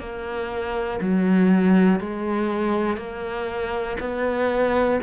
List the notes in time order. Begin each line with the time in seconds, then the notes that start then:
0.00 A#3
1.00 F#3
2.00 G#3
2.97 A#3
4.00 B3